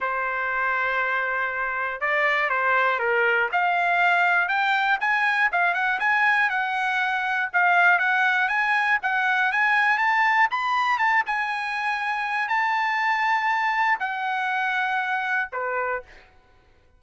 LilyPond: \new Staff \with { instrumentName = "trumpet" } { \time 4/4 \tempo 4 = 120 c''1 | d''4 c''4 ais'4 f''4~ | f''4 g''4 gis''4 f''8 fis''8 | gis''4 fis''2 f''4 |
fis''4 gis''4 fis''4 gis''4 | a''4 b''4 a''8 gis''4.~ | gis''4 a''2. | fis''2. b'4 | }